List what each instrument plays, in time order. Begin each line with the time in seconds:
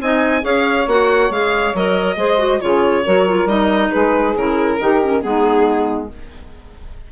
0.00 bassoon C4, clarinet D#4, saxophone D#5, violin G#5
0.41 bassoon C#4, clarinet G#4, saxophone C#5, violin F5
0.86 bassoon A#3, clarinet F#4, violin F#5
1.30 bassoon G#3, clarinet G#4, violin F5
1.74 bassoon F#3, clarinet A#4, violin D#5
2.16 bassoon G#3, clarinet G#4, saxophone C5
2.38 clarinet F#4
2.60 bassoon C#3, clarinet F4, saxophone G#4, violin C#5
3.04 bassoon F#3, clarinet F#4, saxophone A#4
3.27 clarinet F4
3.45 bassoon G3, clarinet D#4, violin D#5
3.91 bassoon G#3, saxophone G#4, violin B4
4.36 bassoon C#3, clarinet E4, violin A#4
4.79 bassoon D#3, clarinet D#4, saxophone G4
5.01 clarinet C#4
5.21 bassoon G#3, clarinet B3, saxophone D#4, violin G#4